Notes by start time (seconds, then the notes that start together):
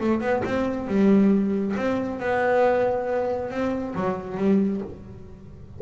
0.00 A3
0.21 B3
0.45 C4
0.88 G3
1.76 C4
2.20 B3
3.50 C4
3.95 F#3
4.37 G3